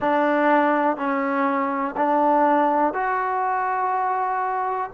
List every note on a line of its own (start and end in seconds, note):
0.00 0.97 D4
0.97 1.95 C#4
1.97 2.93 D4
2.93 4.90 F#4